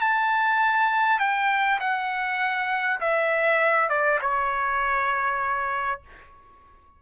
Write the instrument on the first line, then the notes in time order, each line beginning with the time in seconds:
trumpet
0.00 A5
1.19 G5
1.79 F#5
3.00 E5
3.89 D5
4.21 C#5